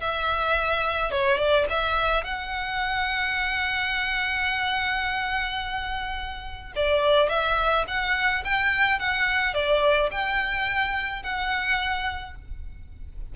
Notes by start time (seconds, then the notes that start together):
0.00 E5
1.11 C#5
1.37 D5
1.69 E5
2.24 F#5
6.75 D5
7.29 E5
7.87 F#5
8.44 G5
8.99 F#5
9.54 D5
10.11 G5
11.23 F#5